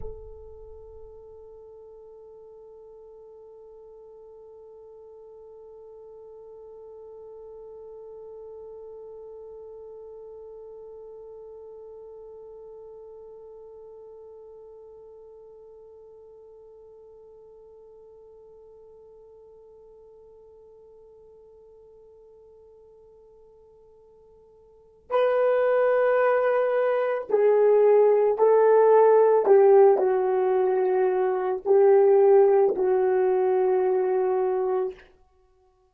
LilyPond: \new Staff \with { instrumentName = "horn" } { \time 4/4 \tempo 4 = 55 a'1~ | a'1~ | a'1~ | a'1~ |
a'1~ | a'2. b'4~ | b'4 gis'4 a'4 g'8 fis'8~ | fis'4 g'4 fis'2 | }